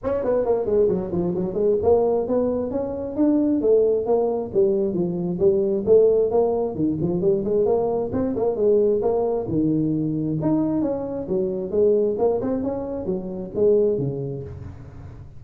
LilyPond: \new Staff \with { instrumentName = "tuba" } { \time 4/4 \tempo 4 = 133 cis'8 b8 ais8 gis8 fis8 f8 fis8 gis8 | ais4 b4 cis'4 d'4 | a4 ais4 g4 f4 | g4 a4 ais4 dis8 f8 |
g8 gis8 ais4 c'8 ais8 gis4 | ais4 dis2 dis'4 | cis'4 fis4 gis4 ais8 c'8 | cis'4 fis4 gis4 cis4 | }